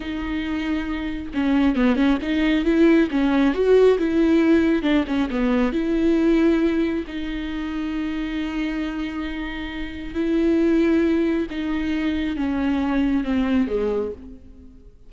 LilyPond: \new Staff \with { instrumentName = "viola" } { \time 4/4 \tempo 4 = 136 dis'2. cis'4 | b8 cis'8 dis'4 e'4 cis'4 | fis'4 e'2 d'8 cis'8 | b4 e'2. |
dis'1~ | dis'2. e'4~ | e'2 dis'2 | cis'2 c'4 gis4 | }